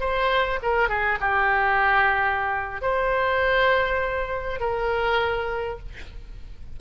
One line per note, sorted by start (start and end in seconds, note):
0.00 0.59 C5
0.63 0.89 A#4
0.89 1.19 G#4
1.20 2.82 G4
2.82 4.60 C5
4.60 5.79 A#4